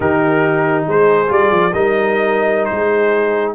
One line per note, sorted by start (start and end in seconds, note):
0.00 0.85 D#3
0.00 1.27 D#4
0.00 0.86 G4
0.00 0.84 A#4
0.87 1.30 G#3
0.87 1.72 G#4
0.87 1.32 C5
1.27 1.51 G3
1.27 1.71 F4
1.27 1.73 D5
1.51 1.72 F3
1.72 2.70 G3
1.72 3.55 D#4
1.72 2.69 A#4
1.72 2.65 D#5
2.65 3.51 C5
2.71 3.55 G#3
2.71 3.55 G#4